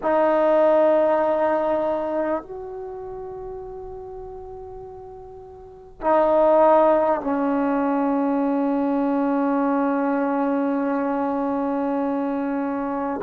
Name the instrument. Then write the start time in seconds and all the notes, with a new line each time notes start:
trombone
0.02 D#4
2.42 F#4
6.01 D#4
7.20 C#4